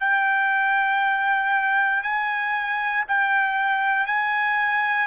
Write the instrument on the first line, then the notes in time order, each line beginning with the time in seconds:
trumpet
0.00 G5
2.02 G#5
3.08 G5
4.06 G#5